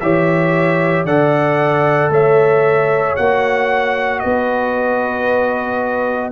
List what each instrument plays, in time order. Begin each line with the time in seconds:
0.00 tuba E3, trombone G4, horn C#5, trumpet E5
1.04 tuba D3, trombone A4, horn D5, trumpet F#5
2.10 tuba A3, horn C#5, trumpet E5
3.16 tuba A#3, trombone F#4, trumpet F#5
4.20 tuba B3, horn B4, trumpet D#5